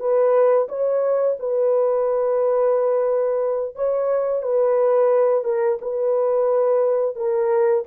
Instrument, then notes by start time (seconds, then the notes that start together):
horn
0.00 B4
0.69 C#5
1.40 B4
3.76 C#5
4.43 B4
5.45 A#4
5.82 B4
7.16 A#4